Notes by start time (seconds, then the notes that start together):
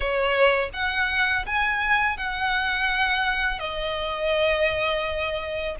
0.00 C#5
0.73 F#5
1.46 G#5
2.17 F#5
3.59 D#5